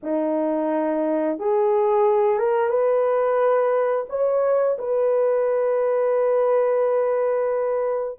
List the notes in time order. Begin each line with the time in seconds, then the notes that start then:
0.02 D#4
1.38 G#4
2.38 A#4
2.69 B4
4.09 C#5
4.78 B4